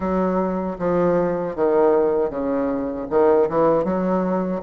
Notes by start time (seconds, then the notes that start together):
0.00 F#3
0.78 F3
1.55 D#3
2.29 C#3
3.10 D#3
3.49 E3
3.84 F#3